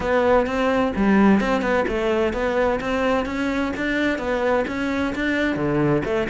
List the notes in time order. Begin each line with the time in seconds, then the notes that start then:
0.00 B3
0.46 C4
0.95 G3
1.40 C4
1.61 B3
1.88 A3
2.33 B3
2.80 C4
3.25 C#4
3.77 D4
4.18 B3
4.67 C#4
5.15 D4
5.56 D3
6.04 A3